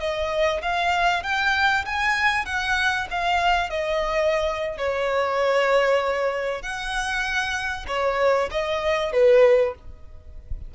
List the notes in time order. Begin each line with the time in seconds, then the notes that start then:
0.00 D#5
0.62 F5
1.23 G5
1.86 G#5
2.46 F#5
3.11 F5
3.70 D#5
4.78 C#5
6.62 F#5
7.88 C#5
8.51 D#5
9.13 B4